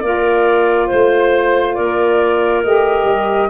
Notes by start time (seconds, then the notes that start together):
0.00 A#3 F4 A#4 D5
0.87 A3 C5
1.74 A#3 A#4 D5
2.63 A3 G4 D#5
3.04 G3